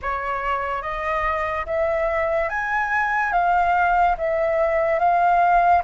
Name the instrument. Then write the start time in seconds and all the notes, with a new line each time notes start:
flute
0.02 C#5
0.82 D#5
1.66 E5
2.49 G#5
3.32 F5
4.17 E5
4.99 F5